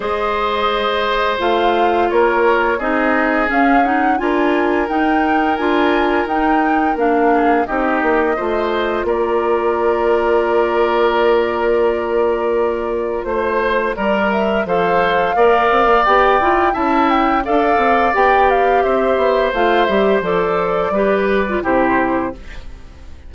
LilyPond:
<<
  \new Staff \with { instrumentName = "flute" } { \time 4/4 \tempo 4 = 86 dis''2 f''4 cis''4 | dis''4 f''8 fis''8 gis''4 g''4 | gis''4 g''4 f''4 dis''4~ | dis''4 d''2.~ |
d''2. c''4 | d''8 e''8 f''2 g''4 | a''8 g''8 f''4 g''8 f''8 e''4 | f''8 e''8 d''2 c''4 | }
  \new Staff \with { instrumentName = "oboe" } { \time 4/4 c''2. ais'4 | gis'2 ais'2~ | ais'2~ ais'8 gis'8 g'4 | c''4 ais'2.~ |
ais'2. c''4 | ais'4 c''4 d''2 | e''4 d''2 c''4~ | c''2 b'4 g'4 | }
  \new Staff \with { instrumentName = "clarinet" } { \time 4/4 gis'2 f'2 | dis'4 cis'8 dis'8 f'4 dis'4 | f'4 dis'4 d'4 dis'4 | f'1~ |
f'1 | ais'4 a'4 ais'4 g'8 f'8 | e'4 a'4 g'2 | f'8 g'8 a'4 g'8. f'16 e'4 | }
  \new Staff \with { instrumentName = "bassoon" } { \time 4/4 gis2 a4 ais4 | c'4 cis'4 d'4 dis'4 | d'4 dis'4 ais4 c'8 ais8 | a4 ais2.~ |
ais2. a4 | g4 f4 ais8 c'16 ais16 b8 e'8 | cis'4 d'8 c'8 b4 c'8 b8 | a8 g8 f4 g4 c4 | }
>>